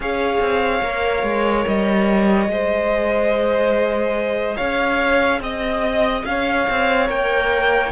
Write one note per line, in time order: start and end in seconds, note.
0.00 0.37 C#4
0.00 0.83 G#4
0.00 2.51 C#5
0.00 1.67 F5
0.39 0.81 C4
0.82 1.23 A#3
0.82 2.49 A#4
1.23 1.64 G#3
1.67 2.47 G3
1.67 4.56 D#5
2.47 4.56 G#3
2.47 7.06 G#4
2.47 4.56 C5
4.56 5.40 C#4
4.56 5.40 C#5
4.56 5.39 F5
5.40 6.23 C4
5.40 6.25 D#5
5.40 6.27 D#5
6.25 6.67 C#4
6.25 7.92 C#5
6.25 7.08 F5
6.69 7.09 C4
7.06 7.92 A#3
7.06 7.89 A#4
7.06 7.92 G5